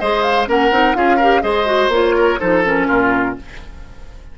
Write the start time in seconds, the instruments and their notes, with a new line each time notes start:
0.00 bassoon G#3, clarinet G#4, oboe C5, flute D#5
0.23 flute F5
0.47 bassoon A#3, clarinet C#4, oboe A#4, flute F#5
0.71 bassoon C4, clarinet D#4
0.95 bassoon C#4, clarinet F4, oboe G#4, flute F5
1.17 clarinet G4, oboe A#4
1.42 bassoon G#3, clarinet G#4, oboe C5, flute D#5
1.66 clarinet F#4
1.89 bassoon A#3, clarinet F4, flute C#5
2.16 oboe A#4
2.39 bassoon F3, clarinet D#4, oboe A4, flute C5
2.65 clarinet C#4, flute A#4
2.88 bassoon A#2, oboe F4